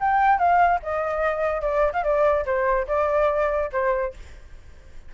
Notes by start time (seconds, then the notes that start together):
0.00 G5
0.38 F5
0.82 D#5
1.61 D5
1.93 F5
2.03 D5
2.45 C5
2.87 D5
3.72 C5